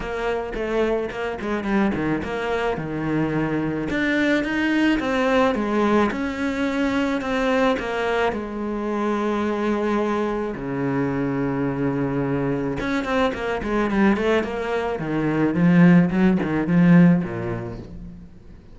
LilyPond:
\new Staff \with { instrumentName = "cello" } { \time 4/4 \tempo 4 = 108 ais4 a4 ais8 gis8 g8 dis8 | ais4 dis2 d'4 | dis'4 c'4 gis4 cis'4~ | cis'4 c'4 ais4 gis4~ |
gis2. cis4~ | cis2. cis'8 c'8 | ais8 gis8 g8 a8 ais4 dis4 | f4 fis8 dis8 f4 ais,4 | }